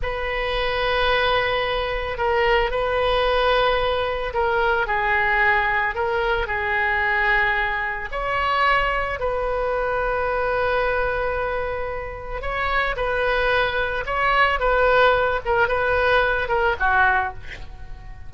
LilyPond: \new Staff \with { instrumentName = "oboe" } { \time 4/4 \tempo 4 = 111 b'1 | ais'4 b'2. | ais'4 gis'2 ais'4 | gis'2. cis''4~ |
cis''4 b'2.~ | b'2. cis''4 | b'2 cis''4 b'4~ | b'8 ais'8 b'4. ais'8 fis'4 | }